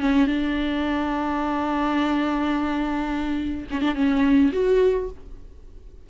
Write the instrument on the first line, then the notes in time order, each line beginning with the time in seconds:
viola
0.00 C#4
0.27 D4
3.70 C#4
3.81 D4
3.95 C#4
4.52 F#4